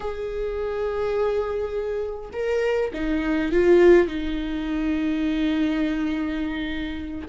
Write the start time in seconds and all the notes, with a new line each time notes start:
0.00 G#4
2.32 A#4
2.93 D#4
3.52 F4
4.07 D#4